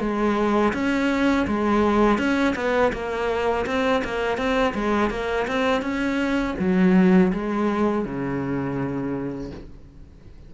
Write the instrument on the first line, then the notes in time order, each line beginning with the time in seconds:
cello
0.00 G#3
0.74 C#4
1.48 G#3
2.19 C#4
2.56 B3
2.93 A#3
3.67 C4
4.04 A#3
4.38 C4
4.75 G#3
5.11 A#3
5.47 C4
5.82 C#4
6.59 F#3
7.33 G#3
8.05 C#3